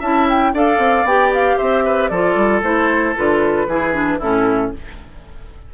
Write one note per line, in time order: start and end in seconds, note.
0.00 0.54 C#4
0.00 0.54 E4
0.00 0.52 E5
0.00 0.29 A5
0.30 0.56 G5
0.54 0.78 D4
0.54 1.07 A4
0.54 1.58 D5
0.54 1.07 F5
0.78 1.04 C4
1.04 1.56 B3
1.04 2.12 G4
1.04 1.33 G5
1.35 1.59 F5
1.58 2.11 C4
1.58 1.84 C5
1.58 2.09 E5
1.86 2.11 B4
2.09 2.36 F3
2.09 2.63 F4
2.09 3.67 A4
2.09 2.61 D5
2.36 2.62 G3
2.63 3.15 A3
2.63 3.16 E4
2.63 3.16 C5
3.17 3.68 D3
3.17 3.69 F4
3.17 4.21 B4
3.68 4.20 E3
3.68 3.93 E4
3.68 4.19 G#4
3.93 4.19 D4
4.19 4.74 A2
4.19 4.74 C#4
4.19 4.71 E4
4.19 4.74 A4